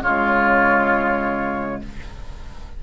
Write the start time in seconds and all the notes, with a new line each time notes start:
0.00 C#3 G#3 F4 C#5